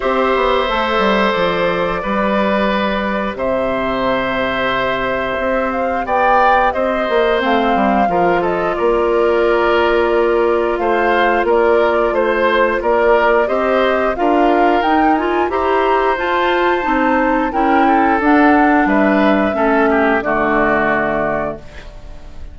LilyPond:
<<
  \new Staff \with { instrumentName = "flute" } { \time 4/4 \tempo 4 = 89 e''2 d''2~ | d''4 e''2.~ | e''8 f''8 g''4 dis''4 f''4~ | f''8 dis''8 d''2. |
f''4 d''4 c''4 d''4 | dis''4 f''4 g''8 gis''8 ais''4 | a''2 g''4 fis''4 | e''2 d''2 | }
  \new Staff \with { instrumentName = "oboe" } { \time 4/4 c''2. b'4~ | b'4 c''2.~ | c''4 d''4 c''2 | ais'8 a'8 ais'2. |
c''4 ais'4 c''4 ais'4 | c''4 ais'2 c''4~ | c''2 ais'8 a'4. | b'4 a'8 g'8 fis'2 | }
  \new Staff \with { instrumentName = "clarinet" } { \time 4/4 g'4 a'2 g'4~ | g'1~ | g'2. c'4 | f'1~ |
f'1 | g'4 f'4 dis'8 f'8 g'4 | f'4 dis'4 e'4 d'4~ | d'4 cis'4 a2 | }
  \new Staff \with { instrumentName = "bassoon" } { \time 4/4 c'8 b8 a8 g8 f4 g4~ | g4 c2. | c'4 b4 c'8 ais8 a8 g8 | f4 ais2. |
a4 ais4 a4 ais4 | c'4 d'4 dis'4 e'4 | f'4 c'4 cis'4 d'4 | g4 a4 d2 | }
>>